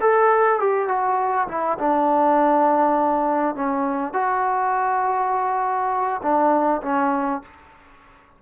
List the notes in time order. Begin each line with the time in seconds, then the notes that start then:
0.00 A4
0.59 G4
0.88 F#4
1.48 E4
1.78 D4
3.55 C#4
4.13 F#4
6.22 D4
6.82 C#4